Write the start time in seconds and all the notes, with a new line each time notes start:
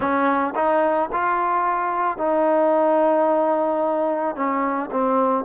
0.00 C#4
0.55 D#4
1.12 F4
2.17 D#4
4.35 C#4
4.91 C4